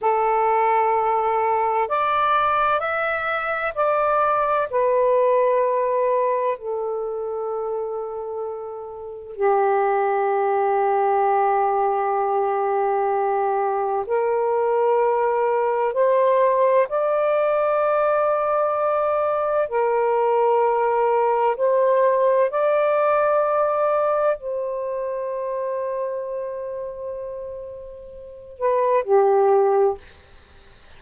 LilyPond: \new Staff \with { instrumentName = "saxophone" } { \time 4/4 \tempo 4 = 64 a'2 d''4 e''4 | d''4 b'2 a'4~ | a'2 g'2~ | g'2. ais'4~ |
ais'4 c''4 d''2~ | d''4 ais'2 c''4 | d''2 c''2~ | c''2~ c''8 b'8 g'4 | }